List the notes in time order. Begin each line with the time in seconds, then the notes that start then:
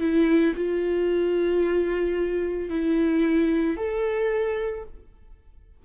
0.00 E4
0.55 F4
2.69 E4
3.76 A4